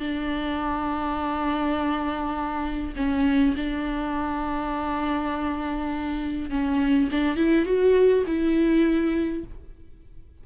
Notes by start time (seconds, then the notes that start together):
0.00 D4
2.96 C#4
3.56 D4
6.50 C#4
7.11 D4
7.36 E4
7.66 F#4
8.27 E4